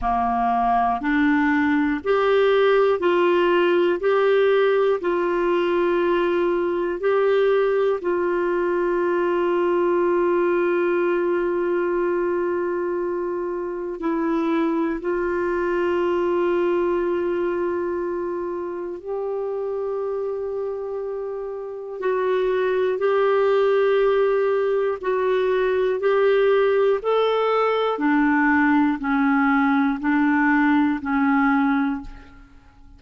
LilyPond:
\new Staff \with { instrumentName = "clarinet" } { \time 4/4 \tempo 4 = 60 ais4 d'4 g'4 f'4 | g'4 f'2 g'4 | f'1~ | f'2 e'4 f'4~ |
f'2. g'4~ | g'2 fis'4 g'4~ | g'4 fis'4 g'4 a'4 | d'4 cis'4 d'4 cis'4 | }